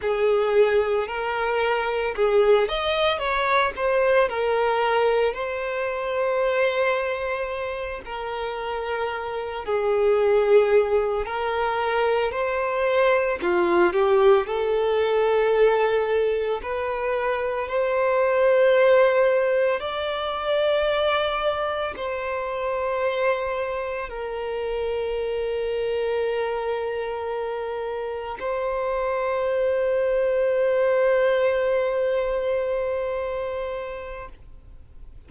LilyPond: \new Staff \with { instrumentName = "violin" } { \time 4/4 \tempo 4 = 56 gis'4 ais'4 gis'8 dis''8 cis''8 c''8 | ais'4 c''2~ c''8 ais'8~ | ais'4 gis'4. ais'4 c''8~ | c''8 f'8 g'8 a'2 b'8~ |
b'8 c''2 d''4.~ | d''8 c''2 ais'4.~ | ais'2~ ais'8 c''4.~ | c''1 | }